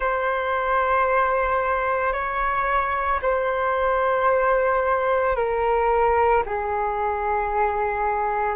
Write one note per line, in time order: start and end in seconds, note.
0.00 2.12 C5
2.12 3.19 C#5
3.21 5.36 C5
5.36 6.43 A#4
6.46 8.56 G#4